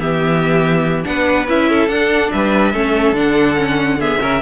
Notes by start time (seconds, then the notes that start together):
0.00 E3 B3 G4 E5
1.04 B3 D4 B4 F#5
1.49 C#4 E4 E5
1.70 A4
1.89 D4 F#5
2.32 G3 B4 E5
2.73 A3 C#4 A4
3.13 D3 D4 F#5
3.56 C#4
4.00 B3 G#4 E5
4.20 C#3 C#4 A#4